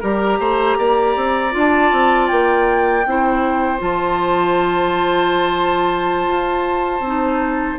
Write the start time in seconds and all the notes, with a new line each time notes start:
0.00 G3 G4 A#4 A#5
0.39 A3 C5
0.77 A#3 D5
1.15 C4
1.51 D4 F4
1.58 A5
1.91 C4
2.27 A#3 G5
3.05 C4 E4 C5
3.78 F3 F4 A5
6.28 F4
6.99 C4
7.06 D#4